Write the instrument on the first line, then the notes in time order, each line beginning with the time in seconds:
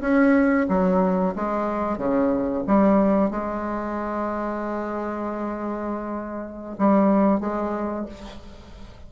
bassoon
0.00 C#4
0.68 F#3
1.35 G#3
1.97 C#3
2.66 G3
3.30 G#3
6.78 G3
7.40 G#3